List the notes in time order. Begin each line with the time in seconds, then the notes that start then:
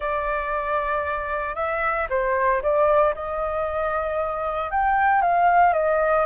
0.00 D5
1.55 E5
2.09 C5
2.62 D5
3.14 D#5
4.71 G5
5.21 F5
5.73 D#5